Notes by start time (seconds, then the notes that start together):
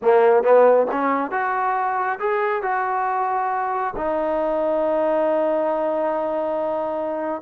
0.01 A#3
0.43 B3
0.91 C#4
1.31 F#4
2.19 G#4
2.62 F#4
3.96 D#4